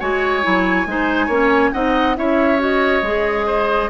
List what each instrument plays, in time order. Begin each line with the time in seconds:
0.00 bassoon G#3, clarinet F#4, oboe C#5, flute G#5
0.43 bassoon F#3, clarinet E4
0.86 bassoon G#3, clarinet D#4, oboe C5
1.27 bassoon A#3, clarinet C#4, oboe C#5
1.73 bassoon C4, clarinet D#4, oboe D#5, flute F#5
2.16 bassoon C#4, clarinet E4, oboe C#5, flute E5
2.59 clarinet F#4, flute D#5
3.03 bassoon G#3, clarinet G#4
3.46 oboe C5